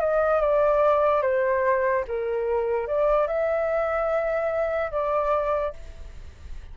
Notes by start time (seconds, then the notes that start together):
0.00 D#5
0.41 D5
1.22 C5
2.07 A#4
2.87 D5
3.27 E5
4.91 D5